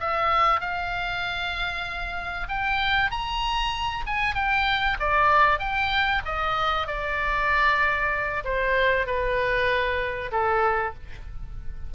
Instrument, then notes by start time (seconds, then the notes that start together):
oboe
0.00 E5
0.60 F5
2.48 G5
3.11 A#5
4.06 G#5
4.35 G5
4.99 D5
5.59 G5
6.25 D#5
6.87 D5
8.44 C5
9.06 B4
10.32 A4